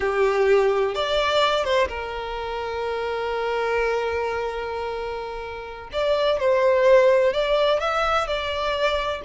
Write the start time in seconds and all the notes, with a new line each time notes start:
0.00 G4
0.94 D5
1.64 C5
1.88 A#4
5.92 D5
6.39 C5
7.33 D5
7.80 E5
8.27 D5